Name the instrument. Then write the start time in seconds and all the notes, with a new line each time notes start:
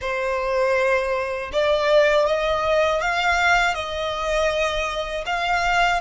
violin
0.01 C5
1.52 D5
2.26 D#5
3.01 F5
3.74 D#5
5.26 F5